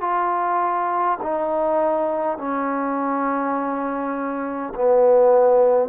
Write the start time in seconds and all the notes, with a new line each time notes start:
0.00 F4
1.22 D#4
2.38 C#4
4.75 B3